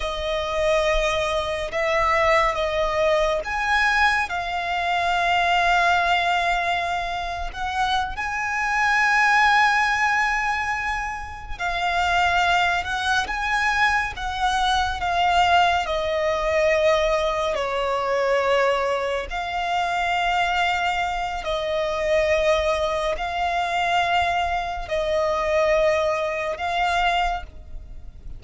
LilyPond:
\new Staff \with { instrumentName = "violin" } { \time 4/4 \tempo 4 = 70 dis''2 e''4 dis''4 | gis''4 f''2.~ | f''8. fis''8. gis''2~ gis''8~ | gis''4. f''4. fis''8 gis''8~ |
gis''8 fis''4 f''4 dis''4.~ | dis''8 cis''2 f''4.~ | f''4 dis''2 f''4~ | f''4 dis''2 f''4 | }